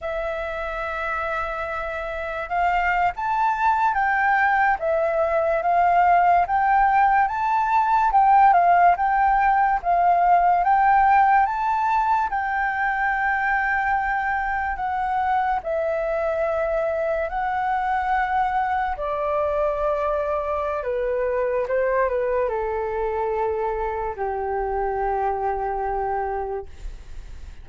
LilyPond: \new Staff \with { instrumentName = "flute" } { \time 4/4 \tempo 4 = 72 e''2. f''8. a''16~ | a''8. g''4 e''4 f''4 g''16~ | g''8. a''4 g''8 f''8 g''4 f''16~ | f''8. g''4 a''4 g''4~ g''16~ |
g''4.~ g''16 fis''4 e''4~ e''16~ | e''8. fis''2 d''4~ d''16~ | d''4 b'4 c''8 b'8 a'4~ | a'4 g'2. | }